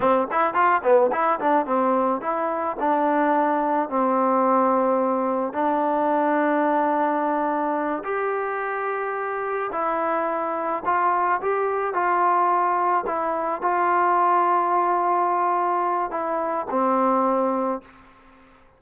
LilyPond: \new Staff \with { instrumentName = "trombone" } { \time 4/4 \tempo 4 = 108 c'8 e'8 f'8 b8 e'8 d'8 c'4 | e'4 d'2 c'4~ | c'2 d'2~ | d'2~ d'8 g'4.~ |
g'4. e'2 f'8~ | f'8 g'4 f'2 e'8~ | e'8 f'2.~ f'8~ | f'4 e'4 c'2 | }